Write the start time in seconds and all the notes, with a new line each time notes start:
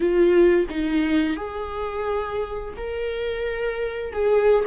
0.00 F4
0.69 D#4
1.36 G#4
2.76 A#4
4.12 G#4